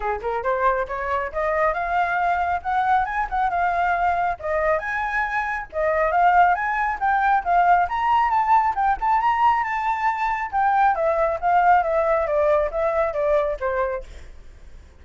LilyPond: \new Staff \with { instrumentName = "flute" } { \time 4/4 \tempo 4 = 137 gis'8 ais'8 c''4 cis''4 dis''4 | f''2 fis''4 gis''8 fis''8 | f''2 dis''4 gis''4~ | gis''4 dis''4 f''4 gis''4 |
g''4 f''4 ais''4 a''4 | g''8 a''8 ais''4 a''2 | g''4 e''4 f''4 e''4 | d''4 e''4 d''4 c''4 | }